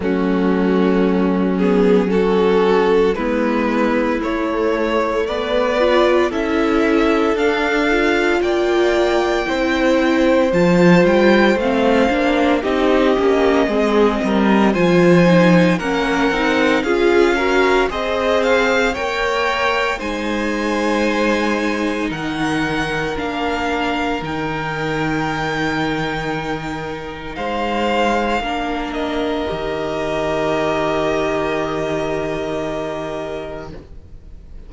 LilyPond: <<
  \new Staff \with { instrumentName = "violin" } { \time 4/4 \tempo 4 = 57 fis'4. gis'8 a'4 b'4 | cis''4 d''4 e''4 f''4 | g''2 a''8 g''8 f''4 | dis''2 gis''4 fis''4 |
f''4 dis''8 f''8 g''4 gis''4~ | gis''4 fis''4 f''4 g''4~ | g''2 f''4. dis''8~ | dis''1 | }
  \new Staff \with { instrumentName = "violin" } { \time 4/4 cis'2 fis'4 e'4~ | e'4 b'4 a'2 | d''4 c''2. | g'4 gis'8 ais'8 c''4 ais'4 |
gis'8 ais'8 c''4 cis''4 c''4~ | c''4 ais'2.~ | ais'2 c''4 ais'4~ | ais'1 | }
  \new Staff \with { instrumentName = "viola" } { \time 4/4 a4. b8 cis'4 b4 | a4. f'8 e'4 d'8 f'8~ | f'4 e'4 f'4 c'8 d'8 | dis'8 cis'8 c'4 f'8 dis'8 cis'8 dis'8 |
f'8 fis'8 gis'4 ais'4 dis'4~ | dis'2 d'4 dis'4~ | dis'2. d'4 | g'1 | }
  \new Staff \with { instrumentName = "cello" } { \time 4/4 fis2. gis4 | a4 b4 cis'4 d'4 | ais4 c'4 f8 g8 a8 ais8 | c'8 ais8 gis8 g8 f4 ais8 c'8 |
cis'4 c'4 ais4 gis4~ | gis4 dis4 ais4 dis4~ | dis2 gis4 ais4 | dis1 | }
>>